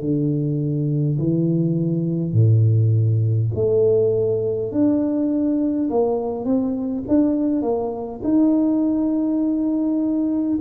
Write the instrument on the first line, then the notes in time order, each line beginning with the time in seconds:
tuba
0.00 D3
1.18 E3
2.33 A2
3.55 A3
4.72 D4
5.90 A#3
6.44 C4
7.08 D4
7.62 A#3
8.24 D#4